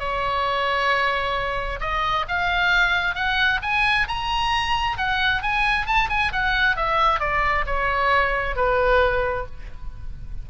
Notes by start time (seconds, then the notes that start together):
0.00 C#5
1.81 D#5
2.29 F5
3.15 F#5
3.63 G#5
4.08 A#5
4.98 F#5
5.43 G#5
5.86 A5
6.10 G#5
6.33 F#5
6.77 E5
7.20 D5
7.67 C#5
8.56 B4